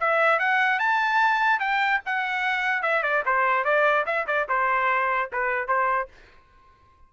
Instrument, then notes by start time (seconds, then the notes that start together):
trumpet
0.00 E5
0.39 F#5
0.79 A5
1.60 G5
2.06 F#5
2.83 E5
3.03 D5
3.25 C5
3.65 D5
4.06 E5
4.27 D5
4.49 C5
5.32 B4
5.68 C5